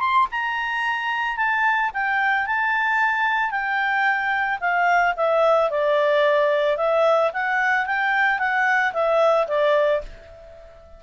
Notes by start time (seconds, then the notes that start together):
0.00 C6
0.31 A#5
1.37 A5
1.94 G5
2.46 A5
3.51 G5
4.60 F5
5.16 E5
5.71 D5
6.77 E5
7.33 F#5
7.86 G5
8.39 F#5
8.93 E5
9.48 D5